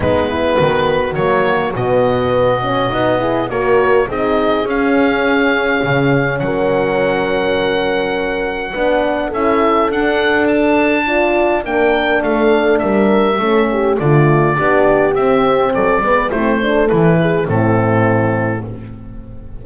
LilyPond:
<<
  \new Staff \with { instrumentName = "oboe" } { \time 4/4 \tempo 4 = 103 b'2 cis''4 dis''4~ | dis''2 cis''4 dis''4 | f''2. fis''4~ | fis''1 |
e''4 fis''4 a''2 | g''4 f''4 e''2 | d''2 e''4 d''4 | c''4 b'4 a'2 | }
  \new Staff \with { instrumentName = "horn" } { \time 4/4 dis'8 e'8 fis'2.~ | fis'4. gis'8 ais'4 gis'4~ | gis'2. ais'4~ | ais'2. b'4 |
a'2. d''4 | ais'4 a'4 ais'4 a'8 g'8 | f'4 g'2 a'8 b'8 | e'8 a'4 gis'8 e'2 | }
  \new Staff \with { instrumentName = "horn" } { \time 4/4 b2 ais4 b4~ | b8 cis'8 dis'8 e'8 fis'4 dis'4 | cis'1~ | cis'2. d'4 |
e'4 d'2 f'4 | d'2. cis'4 | a4 d'4 c'4. b8 | c'8 d'8 e'4 c'2 | }
  \new Staff \with { instrumentName = "double bass" } { \time 4/4 gis4 dis4 fis4 b,4~ | b,4 b4 ais4 c'4 | cis'2 cis4 fis4~ | fis2. b4 |
cis'4 d'2. | ais4 a4 g4 a4 | d4 b4 c'4 fis8 gis8 | a4 e4 a,2 | }
>>